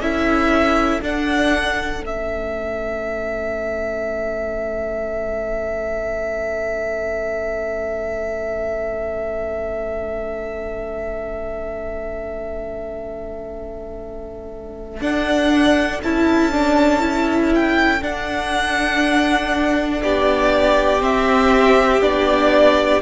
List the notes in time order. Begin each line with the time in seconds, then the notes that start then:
0.00 C#4 E4 A4 E5
1.02 D4 F#5
2.00 A3 C#4 E5
15.00 D4 F#5
16.02 C#4 E4 A5
16.52 D4
16.99 E4
17.54 G5
18.01 D4 F#5
20.02 B3 G4 D5
20.99 C4 E5
22.01 B3 D4 D5